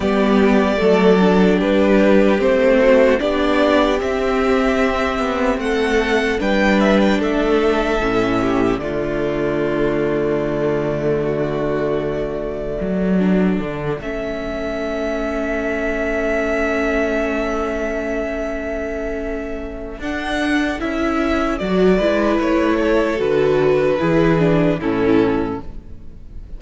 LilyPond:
<<
  \new Staff \with { instrumentName = "violin" } { \time 4/4 \tempo 4 = 75 d''2 b'4 c''4 | d''4 e''2 fis''4 | g''8 e''16 g''16 e''2 d''4~ | d''1~ |
d''4. e''2~ e''8~ | e''1~ | e''4 fis''4 e''4 d''4 | cis''4 b'2 a'4 | }
  \new Staff \with { instrumentName = "violin" } { \time 4/4 g'4 a'4 g'4. fis'8 | g'2. a'4 | b'4 a'4. g'8 f'4~ | f'2 fis'2 |
a'1~ | a'1~ | a'2.~ a'8 b'8~ | b'8 a'4. gis'4 e'4 | }
  \new Staff \with { instrumentName = "viola" } { \time 4/4 b4 a8 d'4. c'4 | d'4 c'2. | d'2 cis'4 a4~ | a1~ |
a8 d'4 cis'2~ cis'8~ | cis'1~ | cis'4 d'4 e'4 fis'8 e'8~ | e'4 fis'4 e'8 d'8 cis'4 | }
  \new Staff \with { instrumentName = "cello" } { \time 4/4 g4 fis4 g4 a4 | b4 c'4. b8 a4 | g4 a4 a,4 d4~ | d1 |
fis4 d8 a2~ a8~ | a1~ | a4 d'4 cis'4 fis8 gis8 | a4 d4 e4 a,4 | }
>>